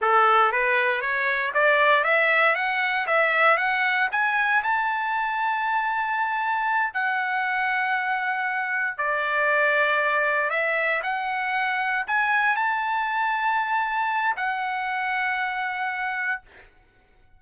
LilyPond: \new Staff \with { instrumentName = "trumpet" } { \time 4/4 \tempo 4 = 117 a'4 b'4 cis''4 d''4 | e''4 fis''4 e''4 fis''4 | gis''4 a''2.~ | a''4. fis''2~ fis''8~ |
fis''4. d''2~ d''8~ | d''8 e''4 fis''2 gis''8~ | gis''8 a''2.~ a''8 | fis''1 | }